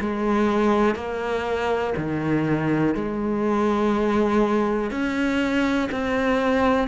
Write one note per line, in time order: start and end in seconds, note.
0.00 0.95 G#3
0.95 1.93 A#3
1.97 2.95 D#3
2.95 4.91 G#3
4.91 5.89 C#4
5.92 6.88 C4